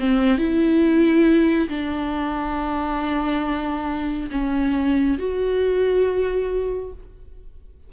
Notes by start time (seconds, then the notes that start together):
0.00 C4
0.38 E4
1.69 D4
4.32 C#4
5.19 F#4